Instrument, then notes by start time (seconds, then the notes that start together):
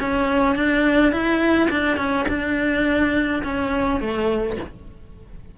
cello
0.00 C#4
0.55 D4
1.12 E4
1.70 D4
1.97 C#4
2.28 D4
3.43 C#4
4.00 A3